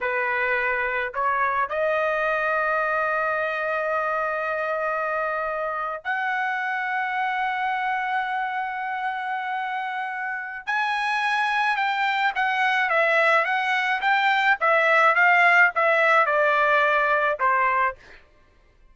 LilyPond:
\new Staff \with { instrumentName = "trumpet" } { \time 4/4 \tempo 4 = 107 b'2 cis''4 dis''4~ | dis''1~ | dis''2~ dis''8. fis''4~ fis''16~ | fis''1~ |
fis''2. gis''4~ | gis''4 g''4 fis''4 e''4 | fis''4 g''4 e''4 f''4 | e''4 d''2 c''4 | }